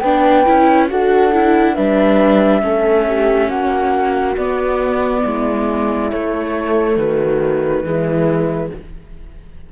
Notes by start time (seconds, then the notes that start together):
0.00 B3 D4 B4 G5
0.46 C#4 E4
0.89 D4 F#4 A4 F#5
1.33 E4
1.74 G3 D4 B4 E5
2.62 A3 C#4 A4
3.07 G4
3.48 A#3 F#4 F#5
4.37 B3 D5
5.24 G#3 E4
6.11 A3 C#5
6.97 D#3 F#4 B4
7.84 E3 G#3 E4